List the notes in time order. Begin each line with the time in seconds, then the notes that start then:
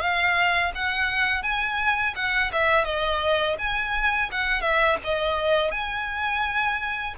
0.00 F5
0.74 F#5
1.43 G#5
2.15 F#5
2.52 E5
2.84 D#5
3.58 G#5
4.31 F#5
4.61 E5
5.04 D#5
5.71 G#5